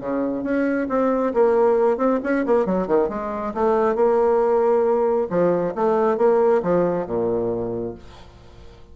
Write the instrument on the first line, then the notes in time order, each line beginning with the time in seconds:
bassoon
0.00 C#3
0.43 C#4
0.89 C4
1.34 A#3
1.97 C4
2.23 C#4
2.46 A#3
2.66 F#3
2.88 D#3
3.09 G#3
3.54 A3
3.95 A#3
5.30 F3
5.75 A3
6.17 A#3
6.62 F3
7.06 A#2